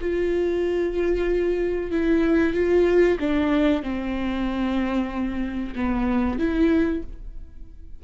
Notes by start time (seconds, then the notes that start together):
0.00 F4
1.91 E4
2.54 F4
3.19 D4
3.82 C4
5.75 B3
6.38 E4